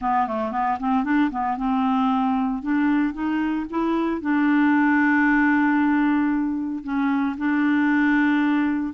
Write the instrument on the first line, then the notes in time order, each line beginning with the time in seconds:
clarinet
0.01 B3
0.27 A3
0.51 B3
0.79 C4
1.04 D4
1.30 B3
1.57 C4
2.62 D4
3.13 D#4
3.70 E4
4.21 D4
6.83 C#4
7.37 D4